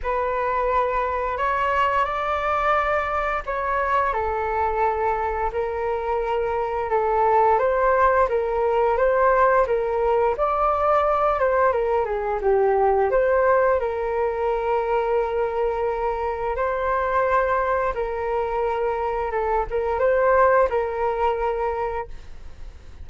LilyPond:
\new Staff \with { instrumentName = "flute" } { \time 4/4 \tempo 4 = 87 b'2 cis''4 d''4~ | d''4 cis''4 a'2 | ais'2 a'4 c''4 | ais'4 c''4 ais'4 d''4~ |
d''8 c''8 ais'8 gis'8 g'4 c''4 | ais'1 | c''2 ais'2 | a'8 ais'8 c''4 ais'2 | }